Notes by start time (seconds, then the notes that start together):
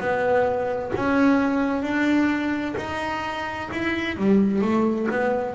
0.00 B3
0.95 C#4
1.83 D4
2.77 D#4
3.72 E4
4.17 G3
4.62 A3
5.11 B3